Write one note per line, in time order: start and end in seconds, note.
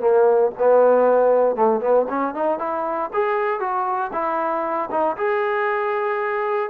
0.00 0.51 A#3
0.59 1.56 B3
1.56 1.81 A3
1.81 2.06 B3
2.09 2.35 C#4
2.35 2.59 D#4
2.59 3.10 E4
3.14 3.60 G#4
3.60 4.11 F#4
4.13 4.90 E4
4.91 5.17 D#4
5.17 6.70 G#4